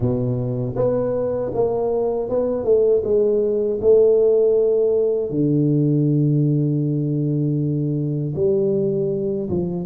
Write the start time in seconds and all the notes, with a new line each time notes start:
0.00 B2
0.76 B3
1.54 A#3
2.29 B3
2.64 A3
3.04 G#3
3.81 A3
5.30 D3
8.35 G3
9.49 F3